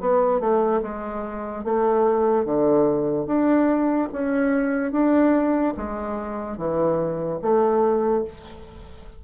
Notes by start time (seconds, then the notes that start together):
0.00 B3
0.40 A3
0.82 G#3
1.64 A3
2.45 D3
3.26 D4
4.12 C#4
4.91 D4
5.76 G#3
6.57 E3
7.42 A3